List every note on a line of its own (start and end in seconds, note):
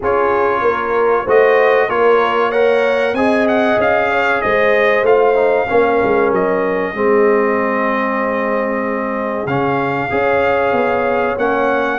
0.00 0.62 C#4
0.00 1.27 F4
0.00 0.59 G#4
0.00 1.29 C#5
0.61 1.25 A#3
0.61 1.24 A#4
1.24 1.89 A3
1.24 1.89 F#4
1.24 1.87 C5
1.24 1.89 D#5
1.88 3.13 A#3
1.88 2.52 F4
1.88 2.49 A#4
1.88 2.51 C#5
2.49 3.15 A#4
2.49 3.12 C#5
2.49 3.14 F#5
3.13 3.76 C4
3.13 5.05 G#4
3.13 4.10 D#5
3.13 3.46 G#5
3.48 3.79 F#5
3.77 4.41 C#4
3.77 4.41 F5
4.10 4.41 C#5
4.41 5.02 G#3
4.41 5.68 C5
4.41 5.04 D#5
5.02 5.65 A3
5.02 5.35 F4
5.02 6.32 F5
5.35 5.67 D#4
5.68 6.02 A#3
5.68 6.94 C#4
5.68 6.95 A#4
6.03 6.31 G#3
6.31 6.94 F#3
6.31 9.47 D#5
6.94 9.46 G#3
6.94 9.47 C4
6.94 10.12 G#4
9.46 10.09 C#3
9.46 10.10 C#4
9.46 11.36 F5
10.10 10.72 C#4
10.10 11.36 G#4
10.10 11.99 C#5
10.72 11.35 B3
11.37 11.99 A#3
11.37 11.99 C#4
11.37 11.99 F#5